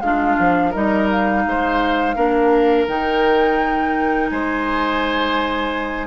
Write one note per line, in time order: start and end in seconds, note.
0.00 0.36 G#3
0.00 0.73 D4
0.00 0.70 F4
0.00 0.72 F5
0.39 0.74 F3
0.70 1.46 G3
0.70 2.15 D#4
0.70 1.41 A#4
0.70 1.08 D#5
1.10 2.87 F5
1.46 2.16 G#3
1.46 2.15 C5
2.15 2.87 A#3
2.15 2.87 D4
2.15 4.30 A#4
2.87 4.30 D#3
2.87 6.07 D#4
2.87 4.29 G5
4.29 6.07 G#3
4.29 6.07 C5
4.29 6.07 G#5